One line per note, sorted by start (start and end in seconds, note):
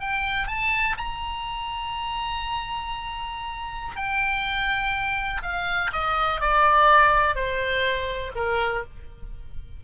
0.00 0.48 G5
0.48 0.96 A5
0.97 3.97 A#5
3.97 5.42 G5
5.43 5.91 F5
5.93 6.41 D#5
6.41 7.35 D5
7.35 8.32 C5
8.36 8.84 A#4